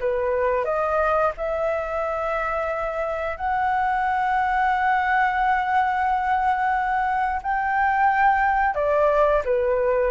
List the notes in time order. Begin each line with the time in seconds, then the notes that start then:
0.00 B4
0.65 D#5
1.38 E5
3.37 F#5
7.43 G5
8.75 D5
9.45 B4